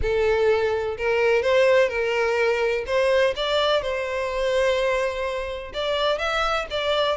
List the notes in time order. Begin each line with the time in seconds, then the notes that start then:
0.02 A4
0.97 A#4
1.42 C5
1.89 A#4
2.86 C5
3.35 D5
3.82 C5
5.73 D5
6.18 E5
6.70 D5